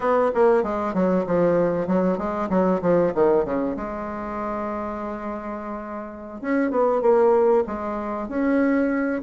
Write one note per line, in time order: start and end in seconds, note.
0.00 0.31 B3
0.34 0.63 A#3
0.63 0.94 G#3
0.94 1.25 F#3
1.26 1.87 F3
1.87 2.18 F#3
2.18 2.49 G#3
2.49 2.80 F#3
2.81 3.12 F3
3.14 3.44 D#3
3.44 3.76 C#3
3.76 6.41 G#3
6.41 6.70 C#4
6.70 7.01 B3
7.01 7.64 A#3
7.66 8.28 G#3
8.28 9.22 C#4